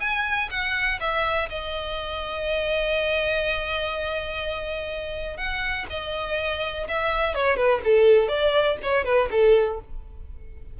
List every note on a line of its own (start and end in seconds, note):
0.00 0.49 G#5
0.50 0.99 F#5
1.00 1.49 E5
1.49 5.37 D#5
5.37 5.85 F#5
5.89 6.87 D#5
6.88 7.34 E5
7.34 7.56 C#5
7.56 7.81 B4
7.84 8.28 A4
8.28 8.77 D5
8.82 9.04 C#5
9.04 9.29 B4
9.31 9.79 A4